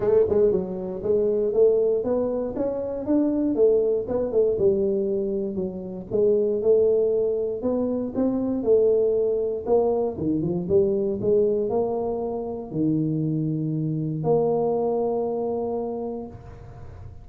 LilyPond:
\new Staff \with { instrumentName = "tuba" } { \time 4/4 \tempo 4 = 118 a8 gis8 fis4 gis4 a4 | b4 cis'4 d'4 a4 | b8 a8 g2 fis4 | gis4 a2 b4 |
c'4 a2 ais4 | dis8 f8 g4 gis4 ais4~ | ais4 dis2. | ais1 | }